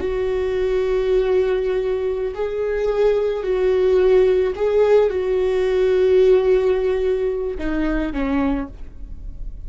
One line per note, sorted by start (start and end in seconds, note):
0.00 2.34 F#4
2.34 3.43 G#4
3.43 4.53 F#4
4.55 5.10 G#4
5.10 7.57 F#4
7.58 8.13 D#4
8.13 8.68 C#4